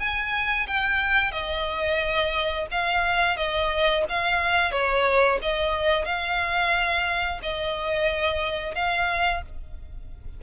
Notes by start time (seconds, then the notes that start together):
0.00 G#5
0.68 G5
1.32 D#5
2.72 F5
3.37 D#5
4.09 F5
4.72 C#5
5.43 D#5
6.06 F5
7.43 D#5
8.75 F5